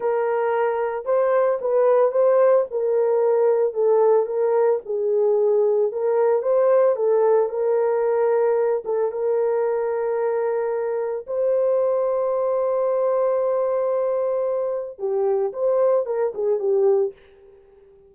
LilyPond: \new Staff \with { instrumentName = "horn" } { \time 4/4 \tempo 4 = 112 ais'2 c''4 b'4 | c''4 ais'2 a'4 | ais'4 gis'2 ais'4 | c''4 a'4 ais'2~ |
ais'8 a'8 ais'2.~ | ais'4 c''2.~ | c''1 | g'4 c''4 ais'8 gis'8 g'4 | }